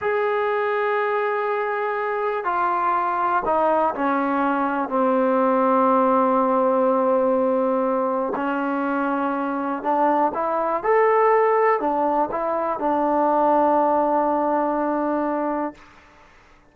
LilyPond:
\new Staff \with { instrumentName = "trombone" } { \time 4/4 \tempo 4 = 122 gis'1~ | gis'4 f'2 dis'4 | cis'2 c'2~ | c'1~ |
c'4 cis'2. | d'4 e'4 a'2 | d'4 e'4 d'2~ | d'1 | }